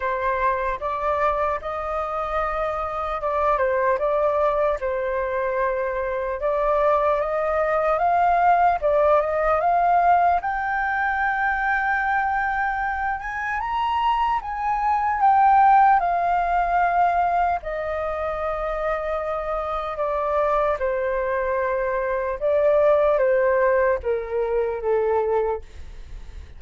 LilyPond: \new Staff \with { instrumentName = "flute" } { \time 4/4 \tempo 4 = 75 c''4 d''4 dis''2 | d''8 c''8 d''4 c''2 | d''4 dis''4 f''4 d''8 dis''8 | f''4 g''2.~ |
g''8 gis''8 ais''4 gis''4 g''4 | f''2 dis''2~ | dis''4 d''4 c''2 | d''4 c''4 ais'4 a'4 | }